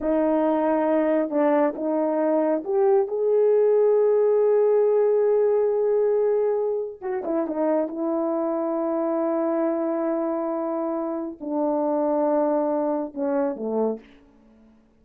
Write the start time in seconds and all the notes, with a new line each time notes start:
0.01 D#4
1.30 D4
1.75 D#4
2.64 G4
3.07 G#4
7.01 F#4
7.24 E4
7.47 D#4
7.87 E4
11.40 D4
13.14 C#4
13.55 A3